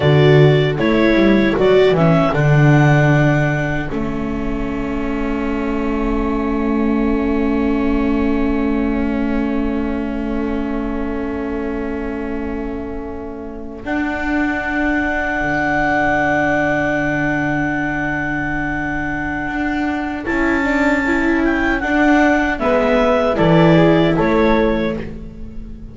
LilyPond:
<<
  \new Staff \with { instrumentName = "clarinet" } { \time 4/4 \tempo 4 = 77 d''4 cis''4 d''8 e''8 fis''4~ | fis''4 e''2.~ | e''1~ | e''1~ |
e''4.~ e''16 fis''2~ fis''16~ | fis''1~ | fis''2 a''4. g''8 | fis''4 e''4 d''4 cis''4 | }
  \new Staff \with { instrumentName = "horn" } { \time 4/4 a'1~ | a'1~ | a'1~ | a'1~ |
a'1~ | a'1~ | a'1~ | a'4 b'4 a'8 gis'8 a'4 | }
  \new Staff \with { instrumentName = "viola" } { \time 4/4 fis'4 e'4 fis'8 cis'8 d'4~ | d'4 cis'2.~ | cis'1~ | cis'1~ |
cis'4.~ cis'16 d'2~ d'16~ | d'1~ | d'2 e'8 d'8 e'4 | d'4 b4 e'2 | }
  \new Staff \with { instrumentName = "double bass" } { \time 4/4 d4 a8 g8 fis8 e8 d4~ | d4 a2.~ | a1~ | a1~ |
a4.~ a16 d'2 d16~ | d1~ | d4 d'4 cis'2 | d'4 gis4 e4 a4 | }
>>